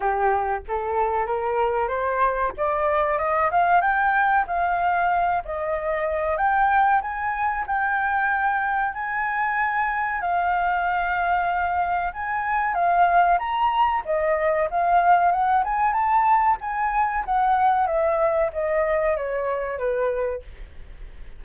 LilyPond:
\new Staff \with { instrumentName = "flute" } { \time 4/4 \tempo 4 = 94 g'4 a'4 ais'4 c''4 | d''4 dis''8 f''8 g''4 f''4~ | f''8 dis''4. g''4 gis''4 | g''2 gis''2 |
f''2. gis''4 | f''4 ais''4 dis''4 f''4 | fis''8 gis''8 a''4 gis''4 fis''4 | e''4 dis''4 cis''4 b'4 | }